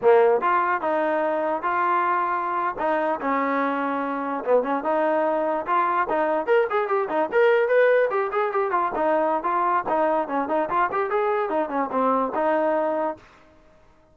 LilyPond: \new Staff \with { instrumentName = "trombone" } { \time 4/4 \tempo 4 = 146 ais4 f'4 dis'2 | f'2~ f'8. dis'4 cis'16~ | cis'2~ cis'8. b8 cis'8 dis'16~ | dis'4.~ dis'16 f'4 dis'4 ais'16~ |
ais'16 gis'8 g'8 dis'8 ais'4 b'4 g'16~ | g'16 gis'8 g'8 f'8 dis'4~ dis'16 f'4 | dis'4 cis'8 dis'8 f'8 g'8 gis'4 | dis'8 cis'8 c'4 dis'2 | }